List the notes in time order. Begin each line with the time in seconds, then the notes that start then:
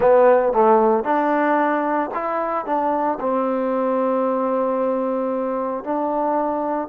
0.00 B3
0.53 A3
1.04 D4
2.14 E4
2.65 D4
3.20 C4
5.84 D4